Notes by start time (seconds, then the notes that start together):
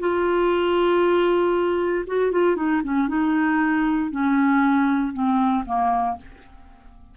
0.00 F4
2.07 F#4
2.32 F4
2.56 D#4
2.84 C#4
3.08 D#4
4.11 C#4
5.14 C4
5.66 A#3